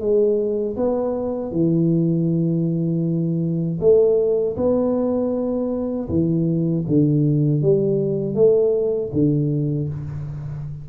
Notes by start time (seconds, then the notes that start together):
0.00 G#3
0.76 B3
1.51 E3
3.80 A3
4.56 B3
6.09 E3
6.88 D3
7.62 G3
8.35 A3
9.13 D3